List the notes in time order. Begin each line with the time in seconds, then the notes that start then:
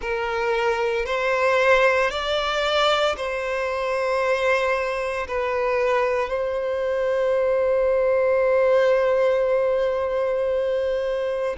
0.01 A#4
1.05 C5
2.10 D5
3.16 C5
5.27 B4
6.29 C5